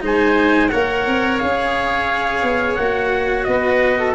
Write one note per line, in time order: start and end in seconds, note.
0.00 0.71 G#3
0.00 0.69 D#4
0.00 0.71 C5
0.00 0.69 G#5
0.69 1.07 A#3
0.69 1.40 A#4
0.69 3.47 C#5
0.69 1.38 F#5
1.07 1.41 C4
1.38 2.42 C#4
1.38 2.78 G#4
1.38 2.75 F5
2.42 2.77 B3
2.75 3.46 A#3
2.75 4.14 F#4
2.75 3.44 F#5
3.44 4.14 B3
3.44 3.99 B4
3.44 4.13 D#5
3.99 4.14 A4